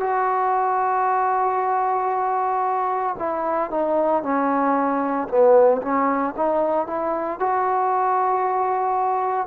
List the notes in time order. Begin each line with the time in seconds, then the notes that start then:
0.00 F#4
3.19 E4
3.70 D#4
4.23 C#4
5.28 B3
5.82 C#4
6.37 D#4
6.87 E4
7.40 F#4